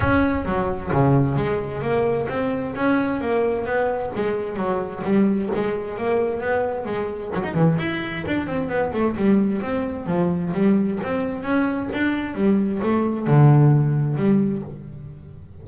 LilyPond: \new Staff \with { instrumentName = "double bass" } { \time 4/4 \tempo 4 = 131 cis'4 fis4 cis4 gis4 | ais4 c'4 cis'4 ais4 | b4 gis4 fis4 g4 | gis4 ais4 b4 gis4 |
fis16 dis'16 e8 e'4 d'8 c'8 b8 a8 | g4 c'4 f4 g4 | c'4 cis'4 d'4 g4 | a4 d2 g4 | }